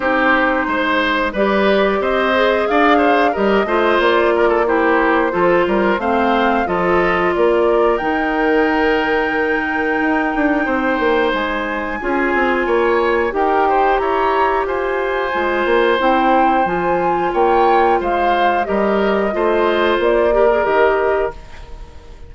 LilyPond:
<<
  \new Staff \with { instrumentName = "flute" } { \time 4/4 \tempo 4 = 90 c''2 d''4 dis''4 | f''4 dis''4 d''4 c''4~ | c''4 f''4 dis''4 d''4 | g''1~ |
g''4 gis''2. | g''4 ais''4 gis''2 | g''4 gis''4 g''4 f''4 | dis''2 d''4 dis''4 | }
  \new Staff \with { instrumentName = "oboe" } { \time 4/4 g'4 c''4 b'4 c''4 | d''8 c''8 ais'8 c''4 ais'16 a'16 g'4 | a'8 ais'8 c''4 a'4 ais'4~ | ais'1 |
c''2 gis'4 cis''4 | ais'8 c''8 cis''4 c''2~ | c''2 cis''4 c''4 | ais'4 c''4. ais'4. | }
  \new Staff \with { instrumentName = "clarinet" } { \time 4/4 dis'2 g'4. gis'8~ | gis'4 g'8 f'4. e'4 | f'4 c'4 f'2 | dis'1~ |
dis'2 f'2 | g'2. f'4 | e'4 f'2. | g'4 f'4. g'16 gis'16 g'4 | }
  \new Staff \with { instrumentName = "bassoon" } { \time 4/4 c'4 gis4 g4 c'4 | d'4 g8 a8 ais2 | f8 g8 a4 f4 ais4 | dis2. dis'8 d'8 |
c'8 ais8 gis4 cis'8 c'8 ais4 | dis'4 e'4 f'4 gis8 ais8 | c'4 f4 ais4 gis4 | g4 a4 ais4 dis4 | }
>>